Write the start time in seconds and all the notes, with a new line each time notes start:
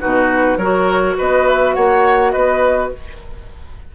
0.00 B2 D#4 F#4 B4
0.57 F#3 F#4 A#4 C#5
1.18 B3 B4 D#5
1.47 E5
1.75 A#3 C#5 F#5
2.31 B3 B4 D#5